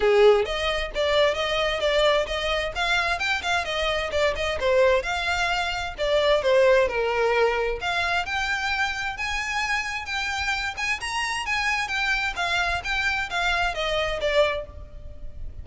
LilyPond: \new Staff \with { instrumentName = "violin" } { \time 4/4 \tempo 4 = 131 gis'4 dis''4 d''4 dis''4 | d''4 dis''4 f''4 g''8 f''8 | dis''4 d''8 dis''8 c''4 f''4~ | f''4 d''4 c''4 ais'4~ |
ais'4 f''4 g''2 | gis''2 g''4. gis''8 | ais''4 gis''4 g''4 f''4 | g''4 f''4 dis''4 d''4 | }